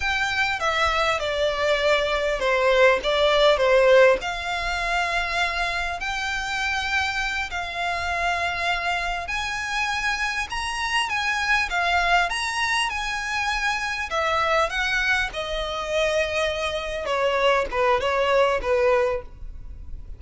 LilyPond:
\new Staff \with { instrumentName = "violin" } { \time 4/4 \tempo 4 = 100 g''4 e''4 d''2 | c''4 d''4 c''4 f''4~ | f''2 g''2~ | g''8 f''2. gis''8~ |
gis''4. ais''4 gis''4 f''8~ | f''8 ais''4 gis''2 e''8~ | e''8 fis''4 dis''2~ dis''8~ | dis''8 cis''4 b'8 cis''4 b'4 | }